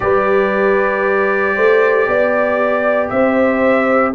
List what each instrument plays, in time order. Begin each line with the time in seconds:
0.00 tuba G3, trombone G4, horn B4, trumpet D5
1.55 tuba A3, horn C5
2.07 tuba B3, horn D5
3.09 tuba C4, horn C5, trumpet E5